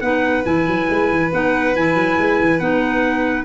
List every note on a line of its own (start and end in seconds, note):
0.00 0.44 B3
0.00 0.44 D#4
0.00 3.45 B4
0.00 0.43 F#5
0.44 0.67 E3
0.44 1.30 E4
0.44 1.31 G#5
0.67 0.89 F#3
0.90 1.11 G#3
1.11 1.32 E3
1.32 1.76 B3
1.32 1.75 D#4
1.32 1.75 F#5
1.75 1.95 E3
1.75 2.60 E4
1.75 2.59 G#5
1.95 2.16 F#3
2.19 2.40 G#3
2.41 2.60 E3
2.59 3.45 B3
2.59 3.45 D#4
2.59 3.45 F#5